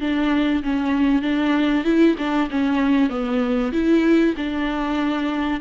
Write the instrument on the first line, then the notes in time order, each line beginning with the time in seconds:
viola
0.00 D4
0.63 C#4
1.22 D4
1.84 E4
2.18 D4
2.50 C#4
3.09 B3
3.72 E4
4.36 D4